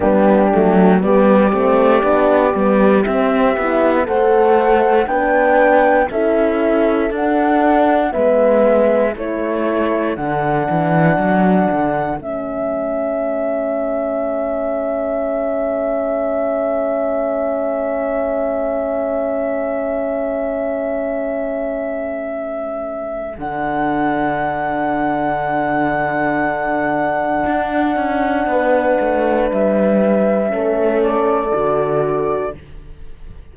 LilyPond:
<<
  \new Staff \with { instrumentName = "flute" } { \time 4/4 \tempo 4 = 59 g'4 d''2 e''4 | fis''4 g''4 e''4 fis''4 | e''4 cis''4 fis''2 | e''1~ |
e''1~ | e''2. fis''4~ | fis''1~ | fis''4 e''4. d''4. | }
  \new Staff \with { instrumentName = "horn" } { \time 4/4 d'4 g'2. | c''4 b'4 a'2 | b'4 a'2.~ | a'1~ |
a'1~ | a'1~ | a'1 | b'2 a'2 | }
  \new Staff \with { instrumentName = "horn" } { \time 4/4 b8 a8 b8 c'8 d'8 b8 c'8 e'8 | a'4 d'4 e'4 d'4 | b4 e'4 d'2 | cis'1~ |
cis'1~ | cis'2. d'4~ | d'1~ | d'2 cis'4 fis'4 | }
  \new Staff \with { instrumentName = "cello" } { \time 4/4 g8 fis8 g8 a8 b8 g8 c'8 b8 | a4 b4 cis'4 d'4 | gis4 a4 d8 e8 fis8 d8 | a1~ |
a1~ | a2. d4~ | d2. d'8 cis'8 | b8 a8 g4 a4 d4 | }
>>